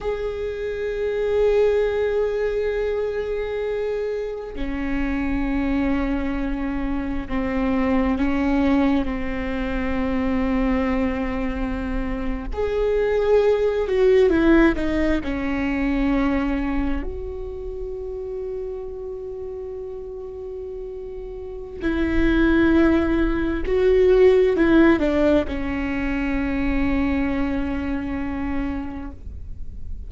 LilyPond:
\new Staff \with { instrumentName = "viola" } { \time 4/4 \tempo 4 = 66 gis'1~ | gis'4 cis'2. | c'4 cis'4 c'2~ | c'4.~ c'16 gis'4. fis'8 e'16~ |
e'16 dis'8 cis'2 fis'4~ fis'16~ | fis'1 | e'2 fis'4 e'8 d'8 | cis'1 | }